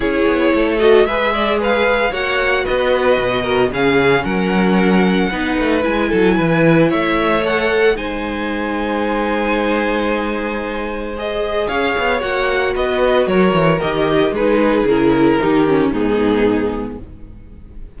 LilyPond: <<
  \new Staff \with { instrumentName = "violin" } { \time 4/4 \tempo 4 = 113 cis''4. dis''8 e''4 f''4 | fis''4 dis''2 f''4 | fis''2. gis''4~ | gis''4 e''4 fis''4 gis''4~ |
gis''1~ | gis''4 dis''4 f''4 fis''4 | dis''4 cis''4 dis''4 b'4 | ais'2 gis'2 | }
  \new Staff \with { instrumentName = "violin" } { \time 4/4 gis'4 a'4 b'8 d''8 b'4 | cis''4 b'4. ais'8 gis'4 | ais'2 b'4. a'8 | b'4 cis''2 c''4~ |
c''1~ | c''2 cis''2 | b'4 ais'2 gis'4~ | gis'4 g'4 dis'2 | }
  \new Staff \with { instrumentName = "viola" } { \time 4/4 e'4. fis'8 gis'2 | fis'2. cis'4~ | cis'2 dis'4 e'4~ | e'2 a'4 dis'4~ |
dis'1~ | dis'4 gis'2 fis'4~ | fis'2 g'4 dis'4 | e'4 dis'8 cis'8 b2 | }
  \new Staff \with { instrumentName = "cello" } { \time 4/4 cis'8 b8 a4 gis2 | ais4 b4 b,4 cis4 | fis2 b8 a8 gis8 fis8 | e4 a2 gis4~ |
gis1~ | gis2 cis'8 b8 ais4 | b4 fis8 e8 dis4 gis4 | cis4 dis4 gis,2 | }
>>